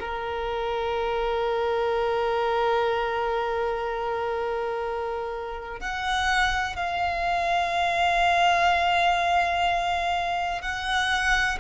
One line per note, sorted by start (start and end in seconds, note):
0.00 5.80 A#4
5.80 6.76 F#5
6.76 10.61 F5
10.61 11.58 F#5